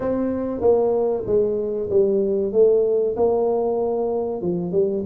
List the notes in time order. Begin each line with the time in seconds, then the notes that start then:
0.00 C4
0.61 A#3
1.26 G#3
1.89 G3
2.52 A3
3.16 A#3
4.41 F3
4.72 G3